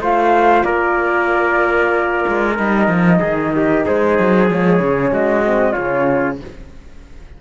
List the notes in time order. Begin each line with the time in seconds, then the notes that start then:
0.00 A3 F4 C5 F5
0.64 A#3 A#4 D5
2.28 G#3
2.57 G3 D#4 D#5
2.88 F3
3.20 D#3 G#4
3.56 G4
3.86 G#3 G#4 C5
4.19 F#3
4.50 F3 G#3 C#5
4.80 C#3 C#4
5.11 G#3 F#4 D#5
5.44 C4
5.73 C#3 C#4 F4 C#5